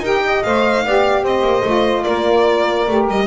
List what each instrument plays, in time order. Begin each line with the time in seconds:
0.00 double bass D#4, saxophone G4 A#4, violin G5
0.26 saxophone D#5
0.43 double bass A3, saxophone C5, violin F5
0.84 double bass B3, saxophone G4 D5
1.23 double bass C4, saxophone C5, violin D#5
1.43 double bass A#3
1.65 double bass A3, saxophone F4
2.04 double bass A#3, saxophone A#4, violin D5
2.88 double bass A3, saxophone G4
3.08 double bass G3, violin D#5